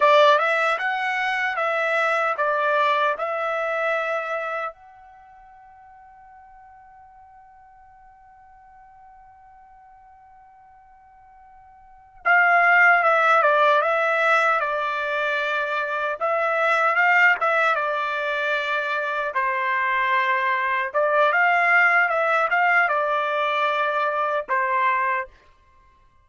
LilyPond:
\new Staff \with { instrumentName = "trumpet" } { \time 4/4 \tempo 4 = 76 d''8 e''8 fis''4 e''4 d''4 | e''2 fis''2~ | fis''1~ | fis''2.~ fis''8 f''8~ |
f''8 e''8 d''8 e''4 d''4.~ | d''8 e''4 f''8 e''8 d''4.~ | d''8 c''2 d''8 f''4 | e''8 f''8 d''2 c''4 | }